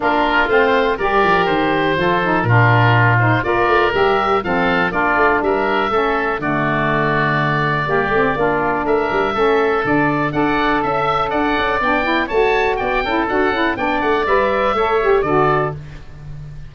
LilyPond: <<
  \new Staff \with { instrumentName = "oboe" } { \time 4/4 \tempo 4 = 122 ais'4 c''4 d''4 c''4~ | c''4 ais'4. c''8 d''4 | e''4 f''4 d''4 e''4~ | e''4 d''2.~ |
d''2 e''2 | d''4 fis''4 e''4 fis''4 | g''4 a''4 g''4 fis''4 | g''8 fis''8 e''2 d''4 | }
  \new Staff \with { instrumentName = "oboe" } { \time 4/4 f'2 ais'2 | a'4 f'2 ais'4~ | ais'4 a'4 f'4 ais'4 | a'4 fis'2. |
g'4 f'4 ais'4 a'4~ | a'4 d''4 e''4 d''4~ | d''4 cis''4 d''8 a'4. | d''2 cis''4 a'4 | }
  \new Staff \with { instrumentName = "saxophone" } { \time 4/4 d'4 c'4 g'2 | f'8 dis'8 d'4. dis'8 f'4 | g'4 c'4 d'2 | cis'4 a2. |
ais8 c'8 d'2 cis'4 | d'4 a'2. | d'8 e'8 fis'4. e'8 fis'8 e'8 | d'4 b'4 a'8 g'8 fis'4 | }
  \new Staff \with { instrumentName = "tuba" } { \time 4/4 ais4 a4 g8 f8 dis4 | f4 ais,2 ais8 a8 | g4 f4 ais8 a8 g4 | a4 d2. |
g8 a8 ais4 a8 g8 a4 | d4 d'4 cis'4 d'8 cis'8 | b4 a4 b8 cis'8 d'8 cis'8 | b8 a8 g4 a4 d4 | }
>>